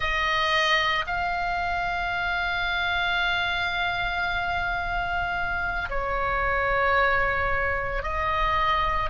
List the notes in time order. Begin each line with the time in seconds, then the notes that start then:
0.00 D#5
1.07 F5
5.89 C#5
8.03 D#5